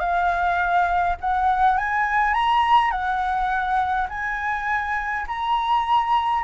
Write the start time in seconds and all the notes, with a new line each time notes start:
0.00 F5
1.21 F#5
1.78 G#5
2.34 A#5
2.91 F#5
4.09 G#5
5.27 A#5